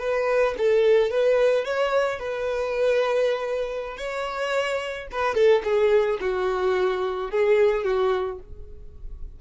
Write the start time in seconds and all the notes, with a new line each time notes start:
0.00 B4
0.58 A4
1.11 B4
1.65 C#5
2.20 B4
3.98 C#5
5.12 B4
5.35 A4
5.64 G#4
6.21 F#4
7.31 G#4
7.84 F#4